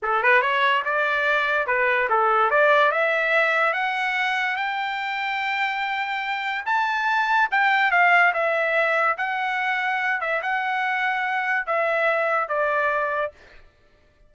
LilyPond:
\new Staff \with { instrumentName = "trumpet" } { \time 4/4 \tempo 4 = 144 a'8 b'8 cis''4 d''2 | b'4 a'4 d''4 e''4~ | e''4 fis''2 g''4~ | g''1 |
a''2 g''4 f''4 | e''2 fis''2~ | fis''8 e''8 fis''2. | e''2 d''2 | }